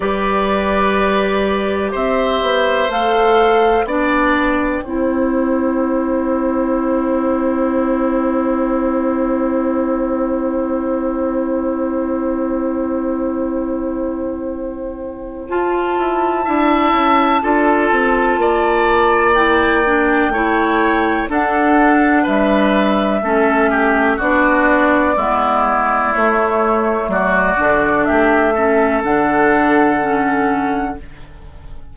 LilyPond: <<
  \new Staff \with { instrumentName = "flute" } { \time 4/4 \tempo 4 = 62 d''2 e''4 f''4 | g''1~ | g''1~ | g''1 |
a''1 | g''2 fis''4 e''4~ | e''4 d''2 cis''4 | d''4 e''4 fis''2 | }
  \new Staff \with { instrumentName = "oboe" } { \time 4/4 b'2 c''2 | d''4 c''2.~ | c''1~ | c''1~ |
c''4 e''4 a'4 d''4~ | d''4 cis''4 a'4 b'4 | a'8 g'8 fis'4 e'2 | fis'4 g'8 a'2~ a'8 | }
  \new Staff \with { instrumentName = "clarinet" } { \time 4/4 g'2. a'4 | d'4 e'2.~ | e'1~ | e'1 |
f'4 e'4 f'2 | e'8 d'8 e'4 d'2 | cis'4 d'4 b4 a4~ | a8 d'4 cis'8 d'4 cis'4 | }
  \new Staff \with { instrumentName = "bassoon" } { \time 4/4 g2 c'8 b8 a4 | b4 c'2.~ | c'1~ | c'1 |
f'8 e'8 d'8 cis'8 d'8 c'8 ais4~ | ais4 a4 d'4 g4 | a4 b4 gis4 a4 | fis8 d8 a4 d2 | }
>>